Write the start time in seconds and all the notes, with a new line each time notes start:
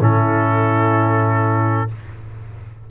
0.00 A2 C#4 E4 A4